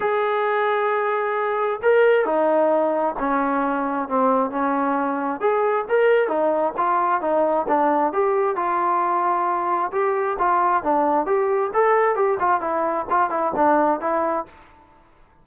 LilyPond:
\new Staff \with { instrumentName = "trombone" } { \time 4/4 \tempo 4 = 133 gis'1 | ais'4 dis'2 cis'4~ | cis'4 c'4 cis'2 | gis'4 ais'4 dis'4 f'4 |
dis'4 d'4 g'4 f'4~ | f'2 g'4 f'4 | d'4 g'4 a'4 g'8 f'8 | e'4 f'8 e'8 d'4 e'4 | }